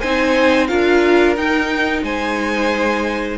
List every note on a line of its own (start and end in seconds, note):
0.00 0.70 C4
0.00 0.68 D#4
0.00 0.67 C5
0.00 0.67 G#5
0.67 1.37 D4
0.67 1.36 F4
0.67 2.04 A#4
0.67 1.35 F5
1.36 3.38 D#4
1.36 2.02 D#4
1.36 2.04 G5
2.02 3.37 G#3
2.02 3.38 C5
2.02 3.38 G#5